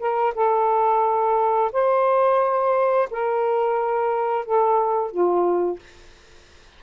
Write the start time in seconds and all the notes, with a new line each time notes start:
0.00 A#4
0.35 A4
1.73 C5
3.11 A#4
4.46 A4
5.11 F4